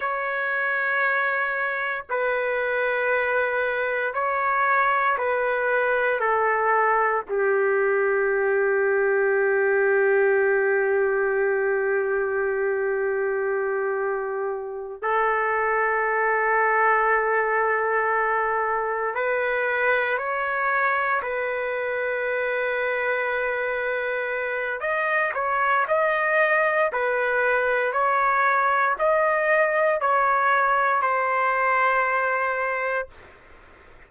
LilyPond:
\new Staff \with { instrumentName = "trumpet" } { \time 4/4 \tempo 4 = 58 cis''2 b'2 | cis''4 b'4 a'4 g'4~ | g'1~ | g'2~ g'8 a'4.~ |
a'2~ a'8 b'4 cis''8~ | cis''8 b'2.~ b'8 | dis''8 cis''8 dis''4 b'4 cis''4 | dis''4 cis''4 c''2 | }